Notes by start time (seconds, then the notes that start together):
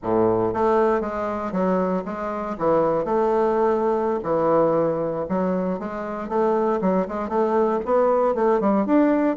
0.03 A2
0.53 A3
1.00 G#3
1.52 F#3
2.05 G#3
2.58 E3
3.04 A3
4.23 E3
5.28 F#3
5.79 G#3
6.28 A3
6.81 F#3
7.08 G#3
7.28 A3
7.85 B3
8.34 A3
8.60 G3
8.86 D4